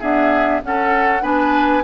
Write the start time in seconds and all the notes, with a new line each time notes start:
0.00 B3 D4 G#4 E5
0.63 C#4 A4 F#5
1.22 B3 D4 B4 G#5